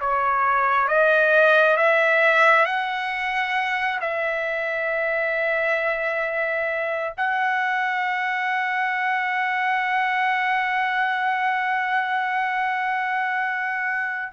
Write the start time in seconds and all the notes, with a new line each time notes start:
0.00 C#5
0.88 D#5
1.76 E5
2.65 F#5
4.00 E5
7.17 F#5